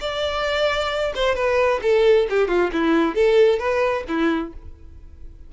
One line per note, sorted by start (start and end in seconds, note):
0.00 1.13 D5
1.15 1.35 C5
1.35 1.80 B4
1.82 2.27 A4
2.29 2.48 G4
2.48 2.70 F4
2.72 3.15 E4
3.15 3.58 A4
3.58 4.04 B4
4.08 4.53 E4